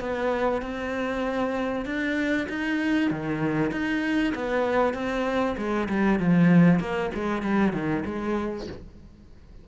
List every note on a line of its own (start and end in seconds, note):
0.00 0.61 B3
0.61 1.85 C4
1.85 2.47 D4
2.49 3.10 D#4
3.10 3.71 D#3
3.71 4.33 D#4
4.34 4.94 B3
4.94 5.56 C4
5.57 5.88 G#3
5.89 6.19 G3
6.19 6.80 F3
6.80 7.10 A#3
7.14 7.42 G#3
7.42 7.73 G3
7.73 8.04 D#3
8.05 8.67 G#3